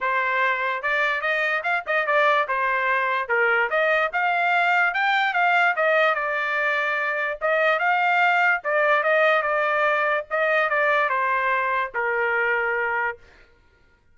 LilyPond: \new Staff \with { instrumentName = "trumpet" } { \time 4/4 \tempo 4 = 146 c''2 d''4 dis''4 | f''8 dis''8 d''4 c''2 | ais'4 dis''4 f''2 | g''4 f''4 dis''4 d''4~ |
d''2 dis''4 f''4~ | f''4 d''4 dis''4 d''4~ | d''4 dis''4 d''4 c''4~ | c''4 ais'2. | }